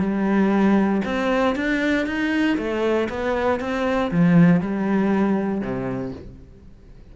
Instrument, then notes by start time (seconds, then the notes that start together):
cello
0.00 G3
1.05 C4
1.56 D4
2.07 D#4
2.58 A3
3.09 B3
3.60 C4
4.11 F3
4.61 G3
5.61 C3